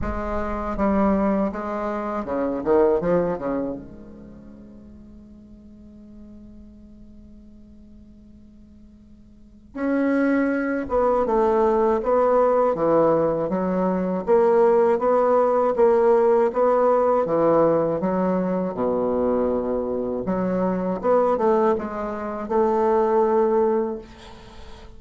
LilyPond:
\new Staff \with { instrumentName = "bassoon" } { \time 4/4 \tempo 4 = 80 gis4 g4 gis4 cis8 dis8 | f8 cis8 gis2.~ | gis1~ | gis4 cis'4. b8 a4 |
b4 e4 fis4 ais4 | b4 ais4 b4 e4 | fis4 b,2 fis4 | b8 a8 gis4 a2 | }